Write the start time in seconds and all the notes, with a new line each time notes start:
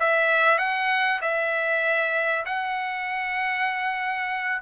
0.00 E5
0.58 F#5
1.22 E5
2.46 F#5